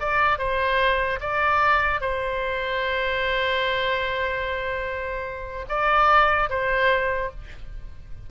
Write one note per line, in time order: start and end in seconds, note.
0.00 0.39 D5
0.39 1.20 C5
1.21 2.01 D5
2.01 5.66 C5
5.69 6.50 D5
6.50 7.31 C5